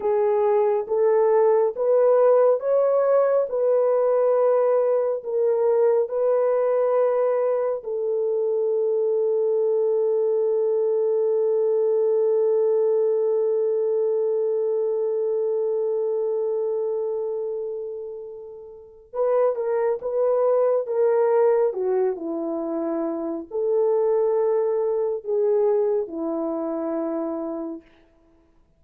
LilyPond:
\new Staff \with { instrumentName = "horn" } { \time 4/4 \tempo 4 = 69 gis'4 a'4 b'4 cis''4 | b'2 ais'4 b'4~ | b'4 a'2.~ | a'1~ |
a'1~ | a'2 b'8 ais'8 b'4 | ais'4 fis'8 e'4. a'4~ | a'4 gis'4 e'2 | }